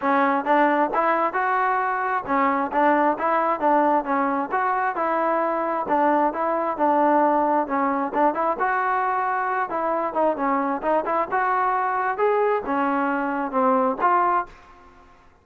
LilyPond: \new Staff \with { instrumentName = "trombone" } { \time 4/4 \tempo 4 = 133 cis'4 d'4 e'4 fis'4~ | fis'4 cis'4 d'4 e'4 | d'4 cis'4 fis'4 e'4~ | e'4 d'4 e'4 d'4~ |
d'4 cis'4 d'8 e'8 fis'4~ | fis'4. e'4 dis'8 cis'4 | dis'8 e'8 fis'2 gis'4 | cis'2 c'4 f'4 | }